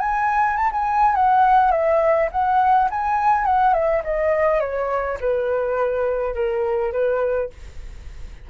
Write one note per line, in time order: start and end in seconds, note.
0.00 0.57 G#5
0.57 0.71 A5
0.72 1.16 G#5
1.16 1.72 F#5
1.72 2.29 E5
2.32 2.90 F#5
2.91 3.46 G#5
3.46 3.74 F#5
3.74 4.03 E5
4.05 4.61 D#5
4.61 5.18 C#5
5.21 6.35 B4
6.35 6.93 A#4
6.93 7.51 B4